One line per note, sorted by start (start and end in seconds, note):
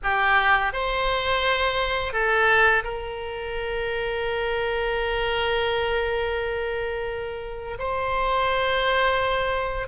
0.03 0.73 G4
0.73 2.12 C5
2.12 2.83 A4
2.84 7.78 A#4
7.78 9.87 C5